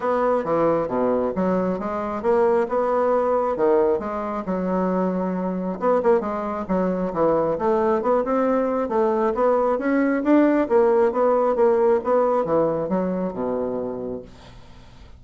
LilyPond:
\new Staff \with { instrumentName = "bassoon" } { \time 4/4 \tempo 4 = 135 b4 e4 b,4 fis4 | gis4 ais4 b2 | dis4 gis4 fis2~ | fis4 b8 ais8 gis4 fis4 |
e4 a4 b8 c'4. | a4 b4 cis'4 d'4 | ais4 b4 ais4 b4 | e4 fis4 b,2 | }